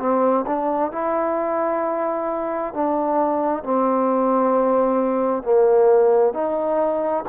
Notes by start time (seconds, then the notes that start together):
0.00 C4
0.47 D4
0.93 E4
2.74 D4
3.64 C4
5.44 A#3
6.34 D#4